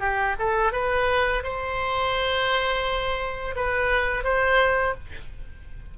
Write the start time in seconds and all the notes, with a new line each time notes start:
0.00 G4
0.39 A4
0.73 B4
1.43 C5
3.56 B4
4.24 C5